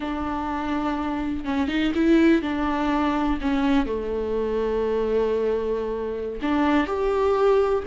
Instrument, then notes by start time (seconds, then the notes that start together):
viola
0.00 D4
1.45 C#4
1.68 D#4
1.94 E4
2.42 D4
3.41 C#4
3.86 A3
6.41 D4
6.86 G4